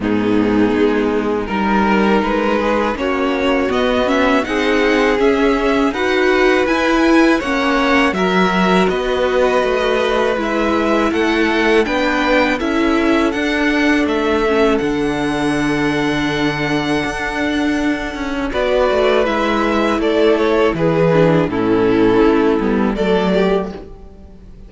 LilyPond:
<<
  \new Staff \with { instrumentName = "violin" } { \time 4/4 \tempo 4 = 81 gis'2 ais'4 b'4 | cis''4 dis''8 e''8 fis''4 e''4 | fis''4 gis''4 fis''4 e''4 | dis''2 e''4 fis''4 |
g''4 e''4 fis''4 e''4 | fis''1~ | fis''4 d''4 e''4 d''8 cis''8 | b'4 a'2 d''4 | }
  \new Staff \with { instrumentName = "violin" } { \time 4/4 dis'2 ais'4. gis'8 | fis'2 gis'2 | b'2 cis''4 ais'4 | b'2. a'4 |
b'4 a'2.~ | a'1~ | a'4 b'2 a'4 | gis'4 e'2 a'8 g'8 | }
  \new Staff \with { instrumentName = "viola" } { \time 4/4 b2 dis'2 | cis'4 b8 cis'8 dis'4 cis'4 | fis'4 e'4 cis'4 fis'4~ | fis'2 e'2 |
d'4 e'4 d'4. cis'8 | d'1~ | d'4 fis'4 e'2~ | e'8 d'8 cis'4. b8 a4 | }
  \new Staff \with { instrumentName = "cello" } { \time 4/4 gis,4 gis4 g4 gis4 | ais4 b4 c'4 cis'4 | dis'4 e'4 ais4 fis4 | b4 a4 gis4 a4 |
b4 cis'4 d'4 a4 | d2. d'4~ | d'8 cis'8 b8 a8 gis4 a4 | e4 a,4 a8 g8 fis4 | }
>>